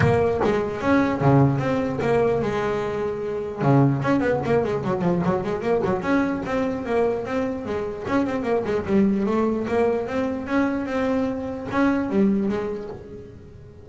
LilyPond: \new Staff \with { instrumentName = "double bass" } { \time 4/4 \tempo 4 = 149 ais4 gis4 cis'4 cis4 | c'4 ais4 gis2~ | gis4 cis4 cis'8 b8 ais8 gis8 | fis8 f8 fis8 gis8 ais8 fis8 cis'4 |
c'4 ais4 c'4 gis4 | cis'8 c'8 ais8 gis8 g4 a4 | ais4 c'4 cis'4 c'4~ | c'4 cis'4 g4 gis4 | }